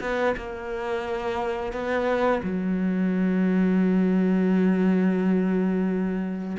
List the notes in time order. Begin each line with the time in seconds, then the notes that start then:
0.00 B3
0.36 A#3
1.72 B3
2.43 F#3